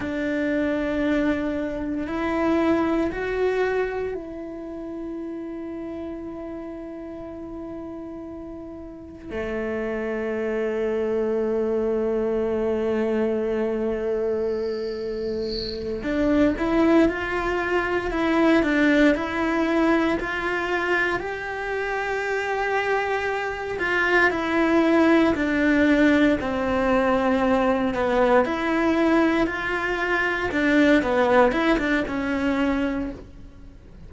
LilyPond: \new Staff \with { instrumentName = "cello" } { \time 4/4 \tempo 4 = 58 d'2 e'4 fis'4 | e'1~ | e'4 a2.~ | a2.~ a8 d'8 |
e'8 f'4 e'8 d'8 e'4 f'8~ | f'8 g'2~ g'8 f'8 e'8~ | e'8 d'4 c'4. b8 e'8~ | e'8 f'4 d'8 b8 e'16 d'16 cis'4 | }